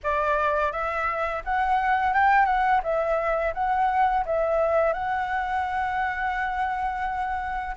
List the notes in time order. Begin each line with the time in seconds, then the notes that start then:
0.03 D5
0.72 E5
1.44 F#5
2.13 G5
2.45 F#5
2.83 E5
3.54 F#5
4.25 E5
4.93 F#5